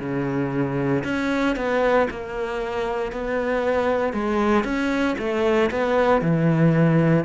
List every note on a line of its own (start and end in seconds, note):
0.00 1.03 C#3
1.04 1.56 C#4
1.56 2.07 B3
2.10 3.12 A#3
3.12 4.13 B3
4.13 4.64 G#3
4.64 5.16 C#4
5.19 5.70 A3
5.70 6.22 B3
6.22 7.25 E3